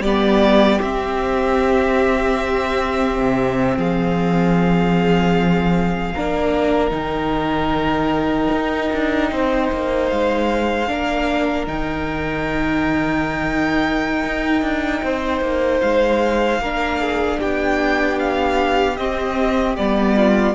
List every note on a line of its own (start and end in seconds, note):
0.00 0.79 G3
0.00 0.82 B3
0.00 3.77 G4
0.00 0.81 D5
0.82 3.19 C4
0.82 6.15 C4
0.82 3.78 E5
3.19 3.77 C3
3.77 6.14 F3
3.77 6.14 G#4
3.77 6.92 F5
6.14 6.91 A#3
6.14 6.90 D4
6.14 9.30 A#4
6.90 8.49 D#3
6.90 10.85 D#4
6.90 10.07 G5
8.52 8.91 D#4
8.93 9.31 D4
9.31 9.71 C4
9.31 10.90 C5
9.72 10.12 A#3
10.07 10.89 G#3
10.07 11.65 F5
10.88 11.67 A#3
10.88 11.66 D4
10.88 15.04 A#4
11.66 14.24 D#3
11.66 16.60 D#4
11.66 15.81 G5
14.24 14.62 D#4
14.62 15.01 D4
15.03 15.41 C4
15.03 16.61 C5
15.41 15.81 A#3
15.81 16.59 G#3
15.81 17.39 F5
16.59 17.38 A#3
16.59 18.98 D4
16.59 17.00 A#4
17.00 17.39 G#4
17.39 18.99 B3
17.39 20.16 G4
17.39 18.19 G5
18.19 18.97 F5
18.97 19.77 C4
18.97 19.78 C4
18.97 19.75 D#5
19.77 20.55 G3
19.77 20.55 B3
19.77 20.55 D5
20.16 20.55 F4